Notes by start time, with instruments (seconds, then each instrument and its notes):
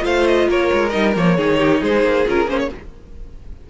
0.00 cello A3, viola F4, violin C5 F5
0.27 violin D#5
0.48 cello A#3, violin A#4 C#5
0.73 cello G#3
0.90 cello G3, viola D#4, violin D#5
1.15 cello F3, viola A#3, violin C#5
1.37 cello D#3, viola D#4, violin G#4
1.58 violin G4
1.81 cello G#3, violin G#4 C5
2.04 cello A#3
2.26 cello C#4, viola F4, violin A#4
2.47 cello A#3, viola C#4, violin C5
2.59 violin C#5